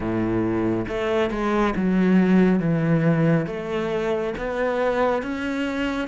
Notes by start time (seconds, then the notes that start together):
0.00 A2
0.88 A3
1.30 G#3
1.76 F#3
2.59 E3
3.46 A3
4.37 B3
5.22 C#4